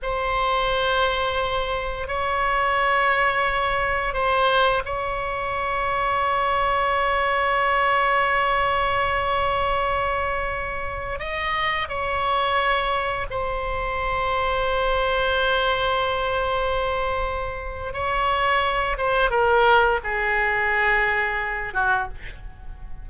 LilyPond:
\new Staff \with { instrumentName = "oboe" } { \time 4/4 \tempo 4 = 87 c''2. cis''4~ | cis''2 c''4 cis''4~ | cis''1~ | cis''1~ |
cis''16 dis''4 cis''2 c''8.~ | c''1~ | c''2 cis''4. c''8 | ais'4 gis'2~ gis'8 fis'8 | }